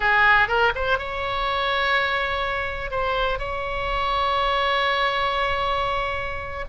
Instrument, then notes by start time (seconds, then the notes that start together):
oboe
0.00 G#4
0.48 A#4
0.75 C5
0.98 C#5
2.90 C5
3.38 C#5